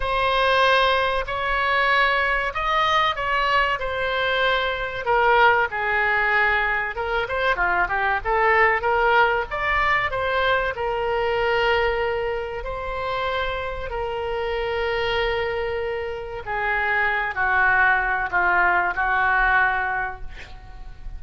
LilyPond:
\new Staff \with { instrumentName = "oboe" } { \time 4/4 \tempo 4 = 95 c''2 cis''2 | dis''4 cis''4 c''2 | ais'4 gis'2 ais'8 c''8 | f'8 g'8 a'4 ais'4 d''4 |
c''4 ais'2. | c''2 ais'2~ | ais'2 gis'4. fis'8~ | fis'4 f'4 fis'2 | }